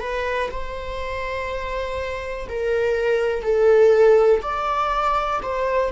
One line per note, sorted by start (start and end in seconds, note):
0.00 0.49 B4
0.51 2.47 C5
2.49 3.43 A#4
3.43 4.41 A4
4.42 5.41 D5
5.42 5.92 C5